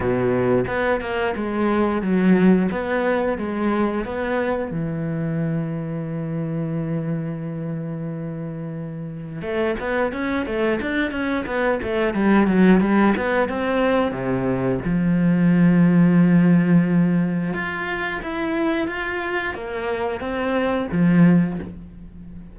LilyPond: \new Staff \with { instrumentName = "cello" } { \time 4/4 \tempo 4 = 89 b,4 b8 ais8 gis4 fis4 | b4 gis4 b4 e4~ | e1~ | e2 a8 b8 cis'8 a8 |
d'8 cis'8 b8 a8 g8 fis8 g8 b8 | c'4 c4 f2~ | f2 f'4 e'4 | f'4 ais4 c'4 f4 | }